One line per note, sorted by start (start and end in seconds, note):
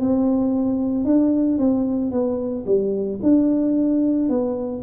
0.00 1.05 C4
1.05 1.59 D4
1.59 2.12 C4
2.12 2.65 B3
2.67 3.20 G3
3.23 4.30 D4
4.30 4.83 B3